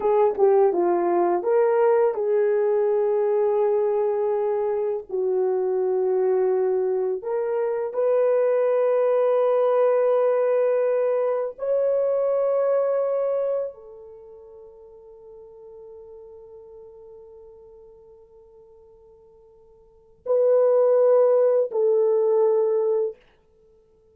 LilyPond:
\new Staff \with { instrumentName = "horn" } { \time 4/4 \tempo 4 = 83 gis'8 g'8 f'4 ais'4 gis'4~ | gis'2. fis'4~ | fis'2 ais'4 b'4~ | b'1 |
cis''2. a'4~ | a'1~ | a'1 | b'2 a'2 | }